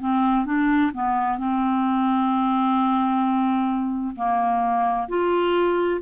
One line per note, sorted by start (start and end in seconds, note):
0.00 0.45 C4
0.45 0.91 D4
0.94 1.38 B3
1.38 4.15 C4
4.15 5.08 A#3
5.08 6.00 F4